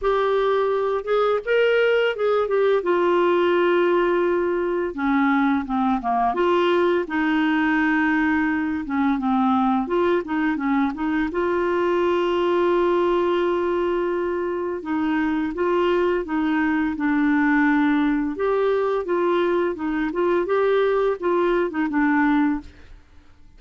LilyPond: \new Staff \with { instrumentName = "clarinet" } { \time 4/4 \tempo 4 = 85 g'4. gis'8 ais'4 gis'8 g'8 | f'2. cis'4 | c'8 ais8 f'4 dis'2~ | dis'8 cis'8 c'4 f'8 dis'8 cis'8 dis'8 |
f'1~ | f'4 dis'4 f'4 dis'4 | d'2 g'4 f'4 | dis'8 f'8 g'4 f'8. dis'16 d'4 | }